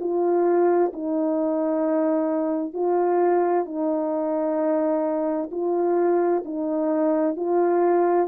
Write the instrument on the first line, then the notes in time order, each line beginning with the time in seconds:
horn
0.00 F4
0.93 D#4
2.74 F4
3.65 D#4
5.51 F4
6.45 D#4
7.36 F4